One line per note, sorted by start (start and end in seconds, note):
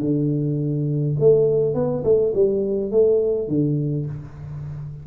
0.00 1.15 D3
1.19 1.74 A3
1.74 2.03 B3
2.04 2.33 A3
2.34 2.91 G3
2.91 3.48 A3
3.48 4.05 D3